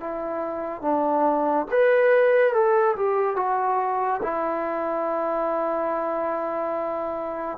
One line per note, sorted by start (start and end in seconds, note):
0.00 0.82 E4
0.82 1.66 D4
1.71 2.53 B4
2.53 2.95 A4
2.96 3.36 G4
3.36 4.21 F#4
4.23 7.58 E4